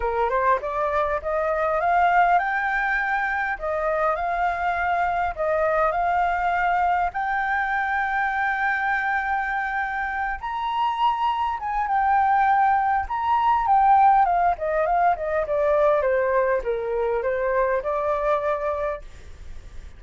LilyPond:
\new Staff \with { instrumentName = "flute" } { \time 4/4 \tempo 4 = 101 ais'8 c''8 d''4 dis''4 f''4 | g''2 dis''4 f''4~ | f''4 dis''4 f''2 | g''1~ |
g''4. ais''2 gis''8 | g''2 ais''4 g''4 | f''8 dis''8 f''8 dis''8 d''4 c''4 | ais'4 c''4 d''2 | }